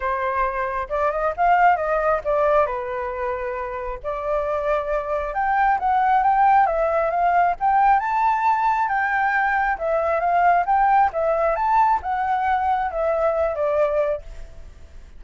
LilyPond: \new Staff \with { instrumentName = "flute" } { \time 4/4 \tempo 4 = 135 c''2 d''8 dis''8 f''4 | dis''4 d''4 b'2~ | b'4 d''2. | g''4 fis''4 g''4 e''4 |
f''4 g''4 a''2 | g''2 e''4 f''4 | g''4 e''4 a''4 fis''4~ | fis''4 e''4. d''4. | }